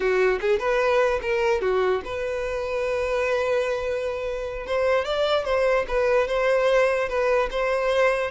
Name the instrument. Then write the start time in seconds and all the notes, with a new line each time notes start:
violin
0.00 F#4
0.40 G#4
0.59 B4
1.22 A#4
1.61 F#4
2.05 B4
4.66 C5
5.04 D5
5.45 C5
5.88 B4
6.27 C5
7.08 B4
7.51 C5